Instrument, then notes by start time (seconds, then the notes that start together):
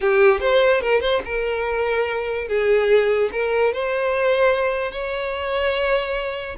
violin
0.01 G4
0.40 C5
0.81 A#4
1.01 C5
1.24 A#4
2.48 G#4
3.32 A#4
3.73 C5
4.91 C#5